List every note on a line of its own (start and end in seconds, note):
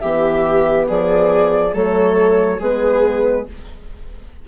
0.00 0.89 E3
0.00 1.73 B3
0.00 0.88 G4
0.00 0.86 E5
0.89 1.74 F3
0.89 1.74 G#4
0.89 1.76 D5
1.73 2.60 F#3
1.73 2.59 A3
1.73 2.60 A4
1.73 2.62 C#5
2.60 3.46 G#3
2.60 3.48 B3
2.60 3.46 G#4
2.60 3.48 B4